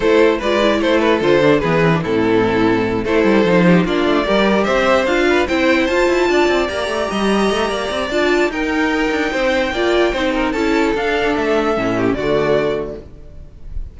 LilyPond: <<
  \new Staff \with { instrumentName = "violin" } { \time 4/4 \tempo 4 = 148 c''4 d''4 c''8 b'8 c''4 | b'4 a'2~ a'8 c''8~ | c''4. d''2 e''8~ | e''8 f''4 g''4 a''4.~ |
a''8 ais''2.~ ais''8 | a''4 g''2.~ | g''2 a''4 f''4 | e''2 d''2 | }
  \new Staff \with { instrumentName = "violin" } { \time 4/4 a'4 b'4 a'2 | gis'4 e'2~ e'8 a'8~ | a'4 g'8 f'4 ais'4 c''8~ | c''4 b'8 c''2 d''8~ |
d''4. dis''4. d''4~ | d''4 ais'2 c''4 | d''4 c''8 ais'8 a'2~ | a'4. g'8 fis'2 | }
  \new Staff \with { instrumentName = "viola" } { \time 4/4 e'4 f'8 e'4. f'8 d'8 | b8 c'16 d'16 c'2~ c'8 e'8~ | e'8 dis'4 d'4 g'4.~ | g'8 f'4 e'4 f'4.~ |
f'8 g'2.~ g'8 | f'4 dis'2. | f'4 dis'4 e'4 d'4~ | d'4 cis'4 a2 | }
  \new Staff \with { instrumentName = "cello" } { \time 4/4 a4 gis4 a4 d4 | e4 a,2~ a,8 a8 | g8 f4 ais8 a8 g4 c'8~ | c'8 d'4 c'4 f'8 e'8 d'8 |
c'8 ais8 a8 g4 a8 ais8 c'8 | d'4 dis'4. d'8 c'4 | ais4 c'4 cis'4 d'4 | a4 a,4 d2 | }
>>